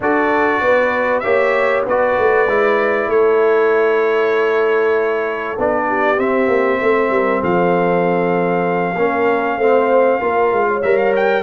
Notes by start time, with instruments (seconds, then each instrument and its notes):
0.00 tuba D4, trombone F#4, horn A4, trumpet D5
0.60 tuba B3, horn B4
1.19 tuba A#3, trombone G4, horn C#5, trumpet E5
1.85 tuba B3, trombone F#4, horn B4, trumpet D5
2.18 tuba A3
2.46 tuba G#3, trombone E4
3.07 tuba A3, horn A4, trumpet C#5
5.57 tuba B3, trombone D4, trumpet D5
5.88 horn G4
6.16 trombone C4, tuba C4, trumpet E5
6.47 tuba A#3
6.79 tuba A3, horn C5
7.10 tuba G3, horn A#4
7.40 tuba F3, horn A4, trumpet F5
8.94 tuba A#3, trombone C#4, horn A#4
9.56 tuba A3, trombone C4, horn C5
10.19 tuba A#3, trombone F4, horn A#4
10.52 tuba G#3
10.67 horn C#5
10.82 tuba G3, trombone A#4, trumpet E5
10.97 trumpet F5
11.16 trumpet G5